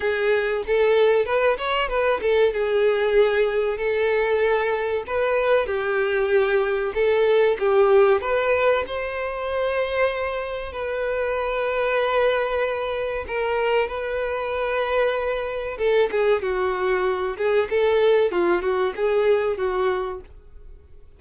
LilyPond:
\new Staff \with { instrumentName = "violin" } { \time 4/4 \tempo 4 = 95 gis'4 a'4 b'8 cis''8 b'8 a'8 | gis'2 a'2 | b'4 g'2 a'4 | g'4 b'4 c''2~ |
c''4 b'2.~ | b'4 ais'4 b'2~ | b'4 a'8 gis'8 fis'4. gis'8 | a'4 f'8 fis'8 gis'4 fis'4 | }